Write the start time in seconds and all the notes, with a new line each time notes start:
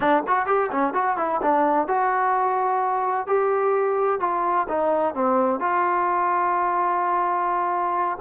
0.00 D4
0.27 F#4
0.46 G4
0.71 C#4
0.93 F#4
1.17 E4
1.41 D4
1.87 F#4
3.26 G4
4.20 F4
4.68 D#4
5.14 C4
5.60 F4